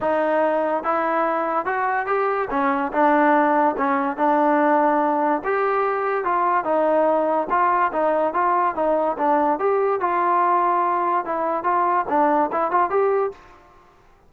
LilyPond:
\new Staff \with { instrumentName = "trombone" } { \time 4/4 \tempo 4 = 144 dis'2 e'2 | fis'4 g'4 cis'4 d'4~ | d'4 cis'4 d'2~ | d'4 g'2 f'4 |
dis'2 f'4 dis'4 | f'4 dis'4 d'4 g'4 | f'2. e'4 | f'4 d'4 e'8 f'8 g'4 | }